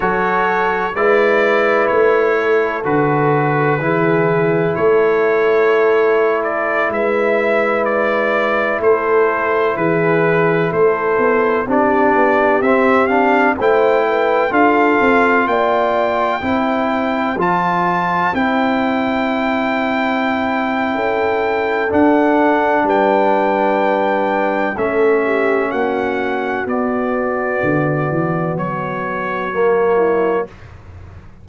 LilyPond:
<<
  \new Staff \with { instrumentName = "trumpet" } { \time 4/4 \tempo 4 = 63 cis''4 d''4 cis''4 b'4~ | b'4 cis''4.~ cis''16 d''8 e''8.~ | e''16 d''4 c''4 b'4 c''8.~ | c''16 d''4 e''8 f''8 g''4 f''8.~ |
f''16 g''2 a''4 g''8.~ | g''2. fis''4 | g''2 e''4 fis''4 | d''2 cis''2 | }
  \new Staff \with { instrumentName = "horn" } { \time 4/4 a'4 b'4. a'4. | gis'4 a'2~ a'16 b'8.~ | b'4~ b'16 a'4 gis'4 a'8.~ | a'16 g'2 c''8 b'8 a'8.~ |
a'16 d''4 c''2~ c''8.~ | c''2 a'2 | b'2 a'8 g'8 fis'4~ | fis'2.~ fis'8 e'8 | }
  \new Staff \with { instrumentName = "trombone" } { \time 4/4 fis'4 e'2 fis'4 | e'1~ | e'1~ | e'16 d'4 c'8 d'8 e'4 f'8.~ |
f'4~ f'16 e'4 f'4 e'8.~ | e'2. d'4~ | d'2 cis'2 | b2. ais4 | }
  \new Staff \with { instrumentName = "tuba" } { \time 4/4 fis4 gis4 a4 d4 | e4 a2~ a16 gis8.~ | gis4~ gis16 a4 e4 a8 b16~ | b16 c'8 b8 c'4 a4 d'8 c'16~ |
c'16 ais4 c'4 f4 c'8.~ | c'2 cis'4 d'4 | g2 a4 ais4 | b4 d8 e8 fis2 | }
>>